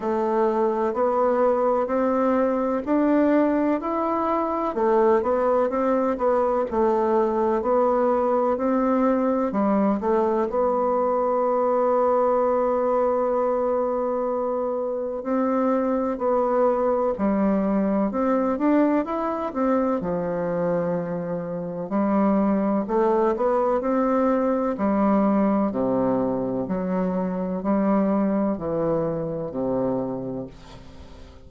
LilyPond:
\new Staff \with { instrumentName = "bassoon" } { \time 4/4 \tempo 4 = 63 a4 b4 c'4 d'4 | e'4 a8 b8 c'8 b8 a4 | b4 c'4 g8 a8 b4~ | b1 |
c'4 b4 g4 c'8 d'8 | e'8 c'8 f2 g4 | a8 b8 c'4 g4 c4 | fis4 g4 e4 c4 | }